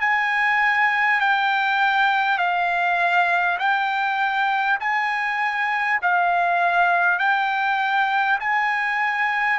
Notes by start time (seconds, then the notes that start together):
0.00 G#5
1.20 G5
2.37 F5
3.58 G5
4.79 G#5
6.02 F5
7.18 G5
8.39 G#5